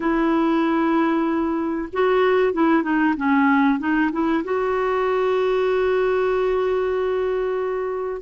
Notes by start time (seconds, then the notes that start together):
0.00 E4
1.93 F#4
2.53 E4
2.82 D#4
3.16 C#4
3.79 D#4
4.11 E4
4.44 F#4